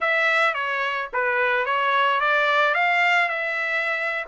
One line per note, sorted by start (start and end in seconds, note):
0.00 0.54 E5
0.54 1.09 C#5
1.13 1.65 B4
1.65 2.20 C#5
2.20 2.74 D5
2.74 3.28 F5
3.28 4.25 E5